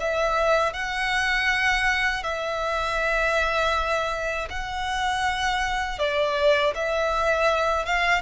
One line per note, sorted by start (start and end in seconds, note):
0.00 0.74 E5
0.74 2.24 F#5
2.24 4.49 E5
4.50 5.99 F#5
5.99 6.74 D5
6.75 7.86 E5
7.86 8.22 F5